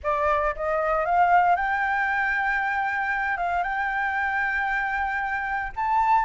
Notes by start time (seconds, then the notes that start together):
0.03 D5
0.55 D#5
1.05 F5
1.55 G5
3.37 F5
3.63 G5
5.75 A5